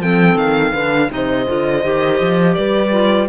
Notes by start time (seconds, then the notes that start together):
0.00 F3 C4 A4 G5
0.36 D#3 F5
0.73 D3 D4 B4
1.09 C3 D#4 C5 D#5
1.46 D3 F4
1.83 D#3 G4
2.20 F3
2.54 G3 B4 D5
2.91 F4